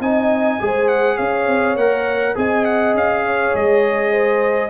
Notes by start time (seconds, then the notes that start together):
0.00 C4 D#4 D#5 G#5
0.60 G#3 G#4 C5
0.88 F#5
1.16 C#4 C#5 F5
1.47 C4
1.76 A#3 A#4 F#5
2.35 C4 G#4 D#5 G#5
2.65 F#5
2.94 C#4 F5
3.24 C#5
3.54 G#3 D#5
4.11 C5